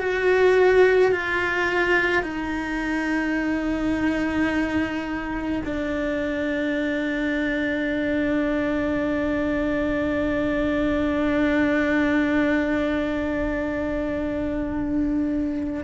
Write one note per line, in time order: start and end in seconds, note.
0.00 1.12 F#4
1.12 2.23 F4
2.23 5.62 D#4
5.65 15.84 D4